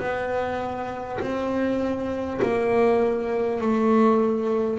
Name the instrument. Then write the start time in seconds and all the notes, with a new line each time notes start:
double bass
0.00 B3
1.21 C4
2.42 A#3
3.61 A3